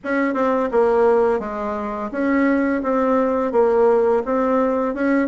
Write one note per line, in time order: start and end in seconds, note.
0.04 0.33 C#4
0.33 0.69 C4
0.71 1.39 A#3
1.39 2.10 G#3
2.11 2.82 C#4
2.82 3.52 C4
3.52 4.22 A#3
4.25 4.94 C4
4.94 5.28 C#4